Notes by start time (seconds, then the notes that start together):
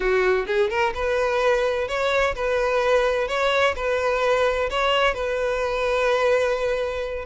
0.00 F#4
0.46 G#4
0.69 A#4
0.94 B4
1.87 C#5
2.35 B4
3.27 C#5
3.75 B4
4.70 C#5
5.14 B4